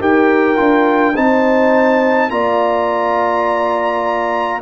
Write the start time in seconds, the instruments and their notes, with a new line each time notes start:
0.00 tuba D#4, trombone G4, horn A#4, trumpet G5
0.56 tuba D4, trombone F4
1.15 tuba C4, trombone D#4, horn C5, trumpet A5
2.30 tuba A#3, trombone F4, horn D5, trumpet A#5